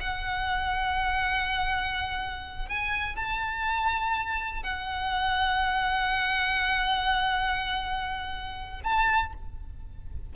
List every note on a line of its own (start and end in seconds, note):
0.00 2.68 F#5
2.68 3.15 G#5
3.15 4.63 A5
4.63 8.81 F#5
8.83 9.33 A5